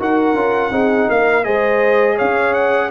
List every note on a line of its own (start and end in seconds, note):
0.00 0.34 D#4
0.00 0.36 F#4
0.00 0.73 A#4
0.00 1.10 F#5
0.34 0.71 C#4
0.34 0.72 F4
0.72 1.08 C4
0.72 1.45 D#4
0.72 1.09 G#4
1.09 1.46 A#3
1.09 1.46 A#4
1.09 1.45 F5
1.45 2.20 G#3
1.45 2.91 G#4
1.45 2.17 C5
1.45 2.18 D#5
2.17 2.92 C#4
2.17 2.90 C#5
2.17 2.54 F5
2.54 2.91 F#5